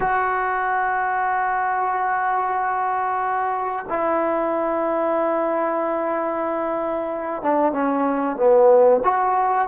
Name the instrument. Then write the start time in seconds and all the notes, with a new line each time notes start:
trombone
0.00 F#4
3.89 E4
7.42 D4
7.72 C#4
8.36 B3
9.04 F#4